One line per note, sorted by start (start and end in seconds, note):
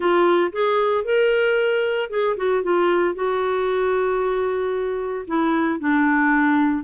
0.00 0.51 F4
0.52 1.04 G#4
1.04 2.09 A#4
2.10 2.36 G#4
2.37 2.63 F#4
2.63 3.15 F4
3.15 5.25 F#4
5.27 5.79 E4
5.79 6.84 D4